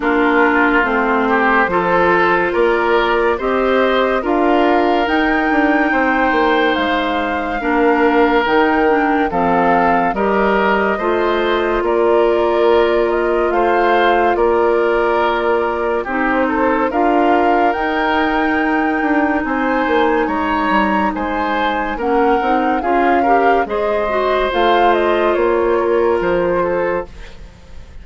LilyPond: <<
  \new Staff \with { instrumentName = "flute" } { \time 4/4 \tempo 4 = 71 ais'4 c''2 d''4 | dis''4 f''4 g''2 | f''2 g''4 f''4 | dis''2 d''4. dis''8 |
f''4 d''2 c''4 | f''4 g''2 gis''4 | ais''4 gis''4 fis''4 f''4 | dis''4 f''8 dis''8 cis''4 c''4 | }
  \new Staff \with { instrumentName = "oboe" } { \time 4/4 f'4. g'8 a'4 ais'4 | c''4 ais'2 c''4~ | c''4 ais'2 a'4 | ais'4 c''4 ais'2 |
c''4 ais'2 g'8 a'8 | ais'2. c''4 | cis''4 c''4 ais'4 gis'8 ais'8 | c''2~ c''8 ais'4 a'8 | }
  \new Staff \with { instrumentName = "clarinet" } { \time 4/4 d'4 c'4 f'2 | g'4 f'4 dis'2~ | dis'4 d'4 dis'8 d'8 c'4 | g'4 f'2.~ |
f'2. dis'4 | f'4 dis'2.~ | dis'2 cis'8 dis'8 f'8 g'8 | gis'8 fis'8 f'2. | }
  \new Staff \with { instrumentName = "bassoon" } { \time 4/4 ais4 a4 f4 ais4 | c'4 d'4 dis'8 d'8 c'8 ais8 | gis4 ais4 dis4 f4 | g4 a4 ais2 |
a4 ais2 c'4 | d'4 dis'4. d'8 c'8 ais8 | gis8 g8 gis4 ais8 c'8 cis'4 | gis4 a4 ais4 f4 | }
>>